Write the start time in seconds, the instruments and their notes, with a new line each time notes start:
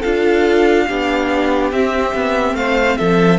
0.00 cello D4, viola F4, violin A4 F5
0.87 cello B3, viola D4, violin G4
1.72 cello C4, viola C4, violin E5
2.14 cello B3
2.53 cello A3, violin C5 F5
2.97 cello F3, violin A4 E5